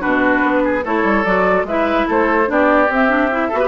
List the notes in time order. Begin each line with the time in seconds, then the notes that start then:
0.00 B2 D4 F#4 B4
0.43 B3
0.64 G#4
0.84 A3 E4 A4 C#5
1.03 G3
1.24 F#3 F#4 D5
1.63 G#3 E4 B4 E5
2.07 A3 A4 C5
2.46 B3 D4 G4 D5
2.88 C4 E5
3.08 D4
3.31 E4
3.48 B3 F#4 A4
3.59 G4 B4